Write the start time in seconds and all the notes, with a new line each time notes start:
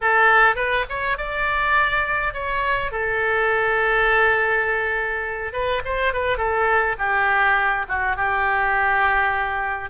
0.01 A4
0.55 B4
0.89 C#5
1.17 D5
2.33 C#5
2.91 A4
5.53 B4
5.84 C5
6.13 B4
6.37 A4
6.98 G4
7.88 F#4
8.16 G4